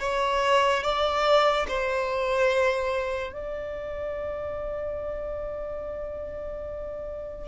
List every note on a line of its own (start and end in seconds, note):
0.00 0.83 C#5
0.83 1.67 D5
1.68 3.33 C5
3.33 7.48 D5